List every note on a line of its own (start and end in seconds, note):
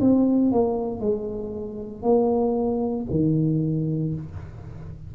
0.00 0.52 C4
0.52 1.00 A#3
1.00 2.03 G#3
2.03 3.06 A#3
3.11 4.14 D#3